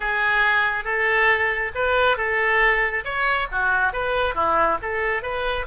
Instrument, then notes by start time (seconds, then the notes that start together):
oboe
0.00 G#4
0.84 A4
1.74 B4
2.17 A4
3.04 C#5
3.51 F#4
3.92 B4
4.34 E4
4.82 A4
5.22 B4